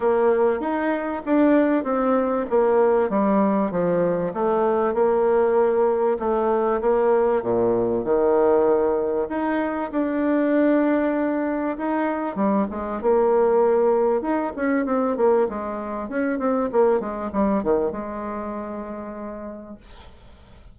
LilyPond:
\new Staff \with { instrumentName = "bassoon" } { \time 4/4 \tempo 4 = 97 ais4 dis'4 d'4 c'4 | ais4 g4 f4 a4 | ais2 a4 ais4 | ais,4 dis2 dis'4 |
d'2. dis'4 | g8 gis8 ais2 dis'8 cis'8 | c'8 ais8 gis4 cis'8 c'8 ais8 gis8 | g8 dis8 gis2. | }